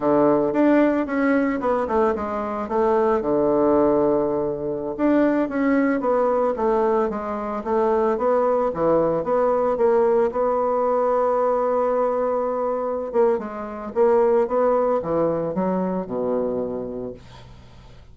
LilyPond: \new Staff \with { instrumentName = "bassoon" } { \time 4/4 \tempo 4 = 112 d4 d'4 cis'4 b8 a8 | gis4 a4 d2~ | d4~ d16 d'4 cis'4 b8.~ | b16 a4 gis4 a4 b8.~ |
b16 e4 b4 ais4 b8.~ | b1~ | b8 ais8 gis4 ais4 b4 | e4 fis4 b,2 | }